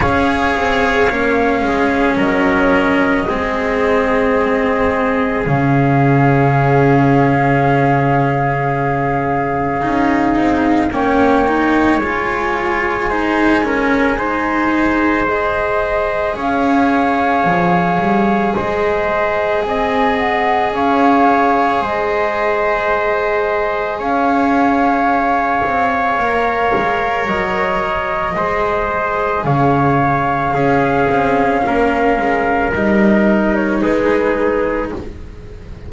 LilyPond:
<<
  \new Staff \with { instrumentName = "flute" } { \time 4/4 \tempo 4 = 55 f''2 dis''2~ | dis''4 f''2.~ | f''2 g''4 gis''4~ | gis''2 dis''4 f''4~ |
f''4 dis''4 gis''8 fis''8 f''4 | dis''2 f''2~ | f''4 dis''2 f''4~ | f''2 dis''8. cis''16 b'4 | }
  \new Staff \with { instrumentName = "trumpet" } { \time 4/4 cis''4. gis'8 ais'4 gis'4~ | gis'1~ | gis'2 cis''2 | c''8 ais'8 c''2 cis''4~ |
cis''4 c''4 dis''4 cis''4 | c''2 cis''2~ | cis''2 c''4 cis''4 | gis'4 ais'2 gis'4 | }
  \new Staff \with { instrumentName = "cello" } { \time 4/4 gis'4 cis'2 c'4~ | c'4 cis'2.~ | cis'4 dis'4 cis'8 dis'8 f'4 | dis'8 cis'8 dis'4 gis'2~ |
gis'1~ | gis'1 | ais'2 gis'2 | cis'2 dis'2 | }
  \new Staff \with { instrumentName = "double bass" } { \time 4/4 cis'8 c'8 ais8 gis8 fis4 gis4~ | gis4 cis2.~ | cis4 cis'8 c'8 ais4 gis4~ | gis2. cis'4 |
f8 g8 gis4 c'4 cis'4 | gis2 cis'4. c'8 | ais8 gis8 fis4 gis4 cis4 | cis'8 c'8 ais8 gis8 g4 gis4 | }
>>